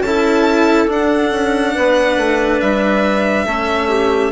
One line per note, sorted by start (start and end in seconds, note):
0.00 0.86 C#4
0.00 1.74 A4
0.00 0.88 A5
0.07 0.88 E4
0.88 3.45 D4
0.88 1.31 D4
0.88 2.61 F#5
1.31 1.74 C#4
1.74 2.17 B3
1.74 3.45 B4
2.17 2.60 A3
2.61 3.46 G3
2.61 4.32 E5
3.45 4.32 A3
3.45 4.32 C#4
3.45 3.88 A4
3.88 4.31 G4